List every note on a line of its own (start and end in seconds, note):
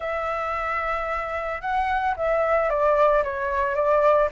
0.00 1.61 E5
1.61 2.14 F#5
2.16 2.69 E5
2.69 3.23 D5
3.23 3.75 C#5
3.75 4.28 D5